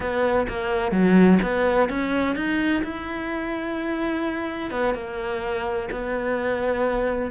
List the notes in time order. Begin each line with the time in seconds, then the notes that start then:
0.00 B3
0.48 A#3
0.91 F#3
1.42 B3
1.89 C#4
2.35 D#4
2.83 E4
4.71 B3
4.94 A#3
5.91 B3